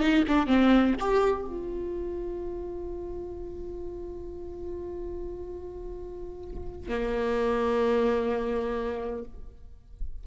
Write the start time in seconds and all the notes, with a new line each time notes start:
0.00 D#4
0.28 D4
0.47 C4
1.00 G4
1.46 F4
6.88 A#3